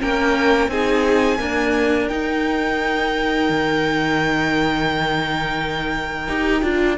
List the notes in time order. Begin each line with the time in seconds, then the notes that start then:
0.00 A#3 C#4 A#4 G5
0.68 C4 D#4 G#4 G#5
1.38 A#3 D4 A#4
2.08 D#4 G5
3.49 D#3
6.27 D#4 G4
6.62 D4 F4